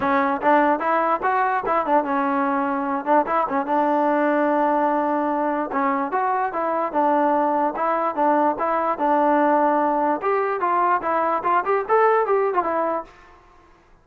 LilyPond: \new Staff \with { instrumentName = "trombone" } { \time 4/4 \tempo 4 = 147 cis'4 d'4 e'4 fis'4 | e'8 d'8 cis'2~ cis'8 d'8 | e'8 cis'8 d'2.~ | d'2 cis'4 fis'4 |
e'4 d'2 e'4 | d'4 e'4 d'2~ | d'4 g'4 f'4 e'4 | f'8 g'8 a'4 g'8. f'16 e'4 | }